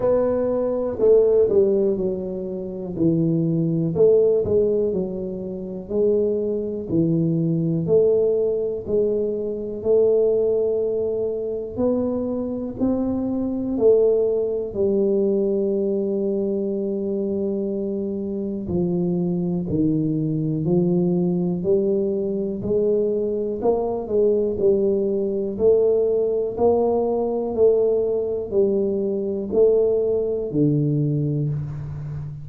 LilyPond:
\new Staff \with { instrumentName = "tuba" } { \time 4/4 \tempo 4 = 61 b4 a8 g8 fis4 e4 | a8 gis8 fis4 gis4 e4 | a4 gis4 a2 | b4 c'4 a4 g4~ |
g2. f4 | dis4 f4 g4 gis4 | ais8 gis8 g4 a4 ais4 | a4 g4 a4 d4 | }